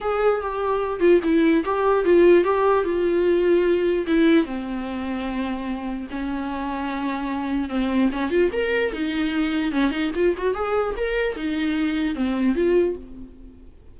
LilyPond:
\new Staff \with { instrumentName = "viola" } { \time 4/4 \tempo 4 = 148 gis'4 g'4. f'8 e'4 | g'4 f'4 g'4 f'4~ | f'2 e'4 c'4~ | c'2. cis'4~ |
cis'2. c'4 | cis'8 f'8 ais'4 dis'2 | cis'8 dis'8 f'8 fis'8 gis'4 ais'4 | dis'2 c'4 f'4 | }